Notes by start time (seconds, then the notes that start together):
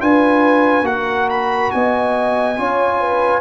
0.00 D4 F4 B4 G#5
0.82 A#3 F#4 A#4 F#5
1.29 B5
1.70 B3 D#5 G#5
2.56 C#4 F4 C#5
3.00 B4